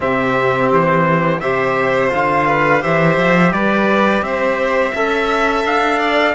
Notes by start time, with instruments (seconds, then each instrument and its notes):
0.00 cello C3, trombone C4, violin G4, trumpet E5
0.71 cello E3, trumpet C5
1.40 cello C3, trombone G4, violin C5, trumpet E5
2.09 cello D3, trombone F4, trumpet F5
2.47 violin B4
2.80 cello E3, trombone G4, violin C5, trumpet E5
3.17 cello F3
3.52 cello G3, violin B4, trumpet D5
4.21 cello C4, violin C5, trumpet E5
4.94 cello C#4, trombone A4, violin E5
5.64 cello D4, trumpet F5
5.99 violin D5